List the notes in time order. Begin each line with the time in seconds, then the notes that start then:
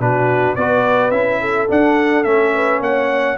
0.00 B2 D4 F#4 B4
0.55 B3 F#4 B4 D5
1.11 C#4 E4 E5
1.41 A4
1.69 D4 F#5
2.24 A3 C#4 E5
2.55 B4
2.80 A#3 C#5 F#5